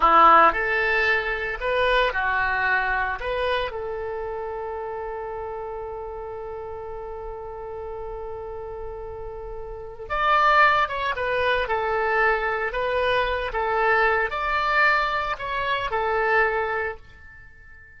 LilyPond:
\new Staff \with { instrumentName = "oboe" } { \time 4/4 \tempo 4 = 113 e'4 a'2 b'4 | fis'2 b'4 a'4~ | a'1~ | a'1~ |
a'2. d''4~ | d''8 cis''8 b'4 a'2 | b'4. a'4. d''4~ | d''4 cis''4 a'2 | }